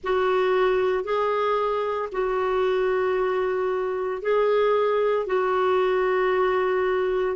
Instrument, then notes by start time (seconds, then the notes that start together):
clarinet
0.03 F#4
1.04 G#4
2.11 F#4
4.22 G#4
5.26 F#4